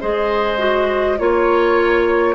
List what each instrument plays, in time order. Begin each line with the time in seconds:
0.00 bassoon G#3, clarinet G#4, oboe C5, flute D#5
0.58 clarinet F#4
1.18 bassoon A#3, clarinet F4, flute C#5, oboe C#5